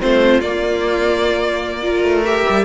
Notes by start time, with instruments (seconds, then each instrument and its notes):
0.00 cello A3, viola C4, violin F4 C5
0.41 cello A#3, viola A#3, violin D5
1.83 viola F4, violin A#4
2.03 cello A3
2.25 viola G4, violin E5
2.49 cello G3